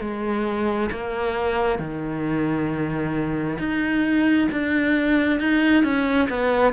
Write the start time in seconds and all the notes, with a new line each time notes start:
0.00 G#3
0.91 A#3
1.78 D#3
3.59 D#4
4.51 D4
5.39 D#4
5.83 C#4
6.29 B3